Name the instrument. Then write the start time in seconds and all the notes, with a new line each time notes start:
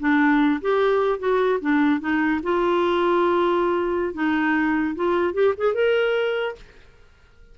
clarinet
0.00 D4
0.62 G4
1.19 F#4
1.61 D4
2.00 D#4
2.43 F4
4.14 D#4
4.96 F4
5.34 G4
5.58 G#4
5.75 A#4